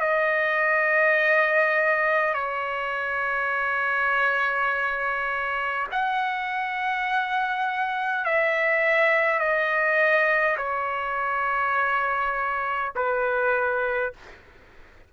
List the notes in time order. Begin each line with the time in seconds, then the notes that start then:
0.00 D#5
2.34 C#5
5.92 F#5
8.25 E5
9.39 D#5
10.57 C#5
12.96 B4